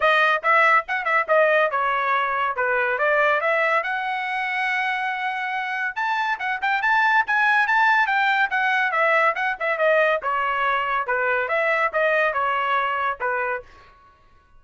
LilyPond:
\new Staff \with { instrumentName = "trumpet" } { \time 4/4 \tempo 4 = 141 dis''4 e''4 fis''8 e''8 dis''4 | cis''2 b'4 d''4 | e''4 fis''2.~ | fis''2 a''4 fis''8 g''8 |
a''4 gis''4 a''4 g''4 | fis''4 e''4 fis''8 e''8 dis''4 | cis''2 b'4 e''4 | dis''4 cis''2 b'4 | }